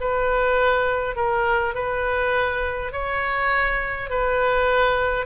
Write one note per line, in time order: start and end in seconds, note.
0.00 1.16 B4
1.16 1.74 A#4
1.74 2.92 B4
2.92 4.10 C#5
4.10 5.26 B4